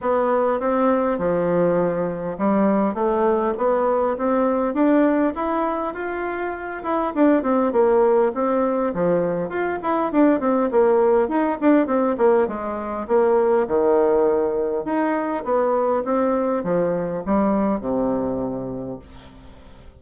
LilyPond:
\new Staff \with { instrumentName = "bassoon" } { \time 4/4 \tempo 4 = 101 b4 c'4 f2 | g4 a4 b4 c'4 | d'4 e'4 f'4. e'8 | d'8 c'8 ais4 c'4 f4 |
f'8 e'8 d'8 c'8 ais4 dis'8 d'8 | c'8 ais8 gis4 ais4 dis4~ | dis4 dis'4 b4 c'4 | f4 g4 c2 | }